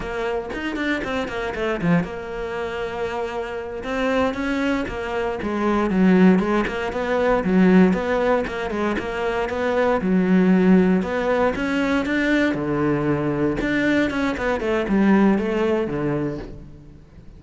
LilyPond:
\new Staff \with { instrumentName = "cello" } { \time 4/4 \tempo 4 = 117 ais4 dis'8 d'8 c'8 ais8 a8 f8 | ais2.~ ais8 c'8~ | c'8 cis'4 ais4 gis4 fis8~ | fis8 gis8 ais8 b4 fis4 b8~ |
b8 ais8 gis8 ais4 b4 fis8~ | fis4. b4 cis'4 d'8~ | d'8 d2 d'4 cis'8 | b8 a8 g4 a4 d4 | }